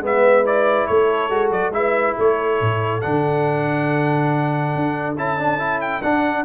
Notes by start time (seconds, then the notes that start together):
0.00 G#3 B3 B4 E5
0.45 E4 D5
0.86 A3 A4 C#5
1.30 G#3 F#4
1.50 F#3 D5
1.70 G#3 E4 E5
1.76 B4
2.17 A3 A4 C#5
2.60 A2
3.01 D3 D4 F#5
4.75 D4
5.17 C#4 E4 A5
5.38 D4
5.59 E4
5.81 G5
6.02 D4 F#5